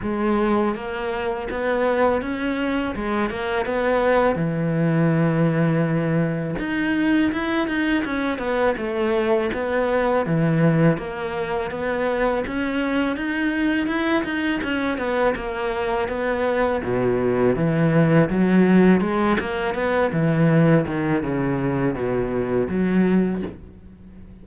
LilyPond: \new Staff \with { instrumentName = "cello" } { \time 4/4 \tempo 4 = 82 gis4 ais4 b4 cis'4 | gis8 ais8 b4 e2~ | e4 dis'4 e'8 dis'8 cis'8 b8 | a4 b4 e4 ais4 |
b4 cis'4 dis'4 e'8 dis'8 | cis'8 b8 ais4 b4 b,4 | e4 fis4 gis8 ais8 b8 e8~ | e8 dis8 cis4 b,4 fis4 | }